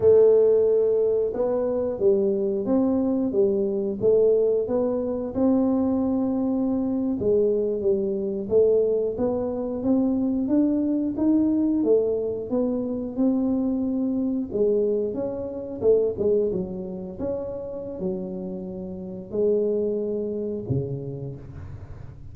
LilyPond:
\new Staff \with { instrumentName = "tuba" } { \time 4/4 \tempo 4 = 90 a2 b4 g4 | c'4 g4 a4 b4 | c'2~ c'8. gis4 g16~ | g8. a4 b4 c'4 d'16~ |
d'8. dis'4 a4 b4 c'16~ | c'4.~ c'16 gis4 cis'4 a16~ | a16 gis8 fis4 cis'4~ cis'16 fis4~ | fis4 gis2 cis4 | }